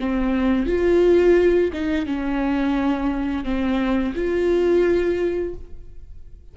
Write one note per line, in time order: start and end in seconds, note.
0.00 0.66 C4
0.66 1.71 F4
1.73 2.06 D#4
2.06 3.44 C#4
3.44 4.14 C4
4.15 5.54 F4